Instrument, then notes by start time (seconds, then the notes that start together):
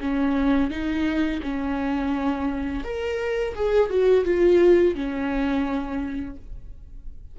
viola
0.00 C#4
0.70 D#4
1.42 C#4
2.84 A#4
3.55 G#4
3.90 F#4
4.25 F4
4.95 C#4